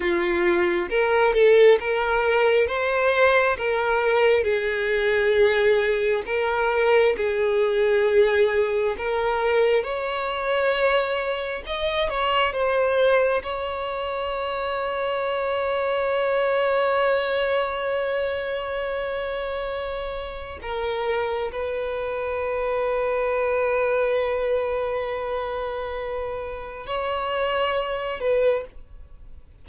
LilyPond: \new Staff \with { instrumentName = "violin" } { \time 4/4 \tempo 4 = 67 f'4 ais'8 a'8 ais'4 c''4 | ais'4 gis'2 ais'4 | gis'2 ais'4 cis''4~ | cis''4 dis''8 cis''8 c''4 cis''4~ |
cis''1~ | cis''2. ais'4 | b'1~ | b'2 cis''4. b'8 | }